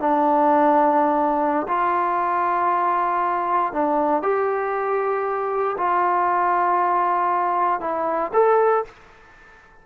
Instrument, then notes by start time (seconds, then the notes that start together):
trombone
0.00 D4
1.68 F4
3.73 D4
4.23 G4
5.78 F4
7.80 E4
8.34 A4